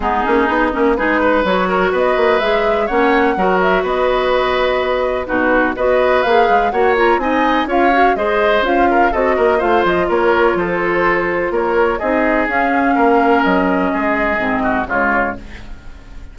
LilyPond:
<<
  \new Staff \with { instrumentName = "flute" } { \time 4/4 \tempo 4 = 125 gis'4. ais'8 b'4 cis''4 | dis''4 e''4 fis''4. e''8 | dis''2. b'4 | dis''4 f''4 fis''8 ais''8 gis''4 |
f''4 dis''4 f''4 dis''4 | f''8 dis''8 cis''4 c''2 | cis''4 dis''4 f''2 | dis''2. cis''4 | }
  \new Staff \with { instrumentName = "oboe" } { \time 4/4 dis'2 gis'8 b'4 ais'8 | b'2 cis''4 ais'4 | b'2. fis'4 | b'2 cis''4 dis''4 |
cis''4 c''4. ais'8 a'8 ais'8 | c''4 ais'4 a'2 | ais'4 gis'2 ais'4~ | ais'4 gis'4. fis'8 f'4 | }
  \new Staff \with { instrumentName = "clarinet" } { \time 4/4 b8 cis'8 dis'8 cis'8 dis'4 fis'4~ | fis'4 gis'4 cis'4 fis'4~ | fis'2. dis'4 | fis'4 gis'4 fis'8 f'8 dis'4 |
f'8 fis'8 gis'4 f'4 fis'4 | f'1~ | f'4 dis'4 cis'2~ | cis'2 c'4 gis4 | }
  \new Staff \with { instrumentName = "bassoon" } { \time 4/4 gis8 ais8 b8 ais8 gis4 fis4 | b8 ais8 gis4 ais4 fis4 | b2. b,4 | b4 ais8 gis8 ais4 c'4 |
cis'4 gis4 cis'4 c'8 ais8 | a8 f8 ais4 f2 | ais4 c'4 cis'4 ais4 | fis4 gis4 gis,4 cis4 | }
>>